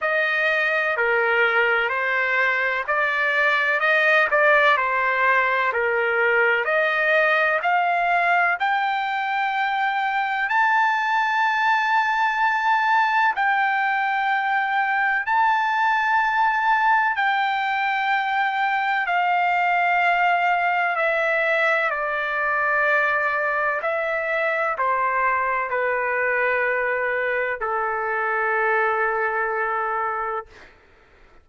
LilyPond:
\new Staff \with { instrumentName = "trumpet" } { \time 4/4 \tempo 4 = 63 dis''4 ais'4 c''4 d''4 | dis''8 d''8 c''4 ais'4 dis''4 | f''4 g''2 a''4~ | a''2 g''2 |
a''2 g''2 | f''2 e''4 d''4~ | d''4 e''4 c''4 b'4~ | b'4 a'2. | }